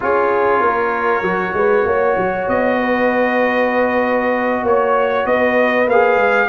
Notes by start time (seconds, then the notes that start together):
0.00 C#4 F4 G#4 C#5
0.60 A#3 A#4
1.22 F#3 F#4
1.53 G#3 B4
1.85 A#3 C#5
2.17 F#3
2.47 B3 D#5
2.80 B4
4.62 A#3 C#5
5.25 B3 B4 D#5
5.87 A#3 G#4 F5
6.15 G#3